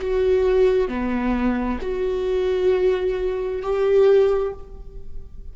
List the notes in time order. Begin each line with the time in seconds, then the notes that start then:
0.00 F#4
0.88 B3
1.81 F#4
3.62 G4